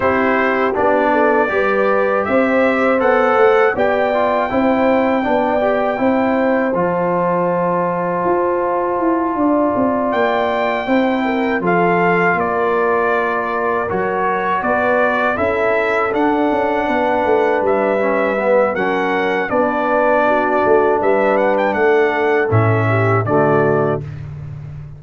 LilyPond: <<
  \new Staff \with { instrumentName = "trumpet" } { \time 4/4 \tempo 4 = 80 c''4 d''2 e''4 | fis''4 g''2.~ | g''4 a''2.~ | a''4. g''2 f''8~ |
f''8 d''2 cis''4 d''8~ | d''8 e''4 fis''2 e''8~ | e''4 fis''4 d''2 | e''8 fis''16 g''16 fis''4 e''4 d''4 | }
  \new Staff \with { instrumentName = "horn" } { \time 4/4 g'4. a'8 b'4 c''4~ | c''4 d''4 c''4 d''4 | c''1~ | c''8 d''2 c''8 ais'8 a'8~ |
a'8 ais'2. b'8~ | b'8 a'2 b'4.~ | b'4 ais'4 b'4 fis'4 | b'4 a'4. g'8 fis'4 | }
  \new Staff \with { instrumentName = "trombone" } { \time 4/4 e'4 d'4 g'2 | a'4 g'8 f'8 e'4 d'8 g'8 | e'4 f'2.~ | f'2~ f'8 e'4 f'8~ |
f'2~ f'8 fis'4.~ | fis'8 e'4 d'2~ d'8 | cis'8 b8 cis'4 d'2~ | d'2 cis'4 a4 | }
  \new Staff \with { instrumentName = "tuba" } { \time 4/4 c'4 b4 g4 c'4 | b8 a8 b4 c'4 b4 | c'4 f2 f'4 | e'8 d'8 c'8 ais4 c'4 f8~ |
f8 ais2 fis4 b8~ | b8 cis'4 d'8 cis'8 b8 a8 g8~ | g4 fis4 b4. a8 | g4 a4 a,4 d4 | }
>>